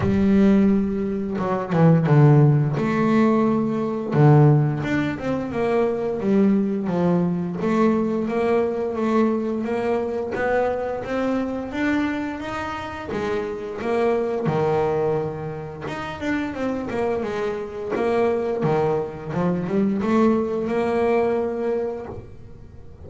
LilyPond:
\new Staff \with { instrumentName = "double bass" } { \time 4/4 \tempo 4 = 87 g2 fis8 e8 d4 | a2 d4 d'8 c'8 | ais4 g4 f4 a4 | ais4 a4 ais4 b4 |
c'4 d'4 dis'4 gis4 | ais4 dis2 dis'8 d'8 | c'8 ais8 gis4 ais4 dis4 | f8 g8 a4 ais2 | }